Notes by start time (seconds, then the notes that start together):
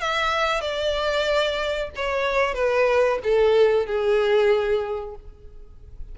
0.00 E5
0.61 D5
1.96 C#5
2.54 B4
3.23 A4
3.86 G#4